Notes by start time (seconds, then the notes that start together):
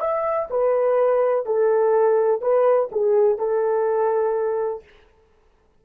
0.00 E5
0.50 B4
1.46 A4
2.41 B4
2.92 G#4
3.38 A4